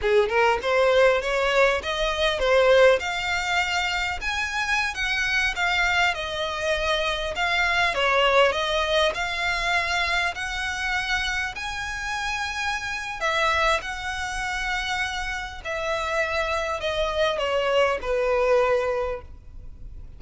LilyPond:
\new Staff \with { instrumentName = "violin" } { \time 4/4 \tempo 4 = 100 gis'8 ais'8 c''4 cis''4 dis''4 | c''4 f''2 gis''4~ | gis''16 fis''4 f''4 dis''4.~ dis''16~ | dis''16 f''4 cis''4 dis''4 f''8.~ |
f''4~ f''16 fis''2 gis''8.~ | gis''2 e''4 fis''4~ | fis''2 e''2 | dis''4 cis''4 b'2 | }